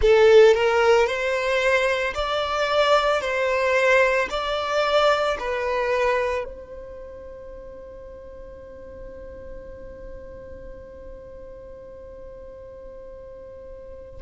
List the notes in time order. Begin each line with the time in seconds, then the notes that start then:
0.01 A4
0.54 A#4
1.06 C5
2.14 D5
3.21 C5
4.30 D5
5.39 B4
6.44 C5